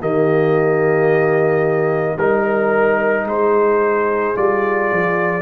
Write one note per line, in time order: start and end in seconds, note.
0.00 2.18 D#3
0.00 2.18 A#3
0.00 2.16 G4
0.00 2.18 D#5
2.16 3.25 G3
2.16 4.35 D#4
2.16 3.25 A#4
2.16 3.27 A#4
3.25 4.34 G#3
3.25 5.42 G#4
3.25 4.37 C5
4.35 4.91 G3
4.35 5.42 F4
4.35 5.42 D5
4.92 5.42 F3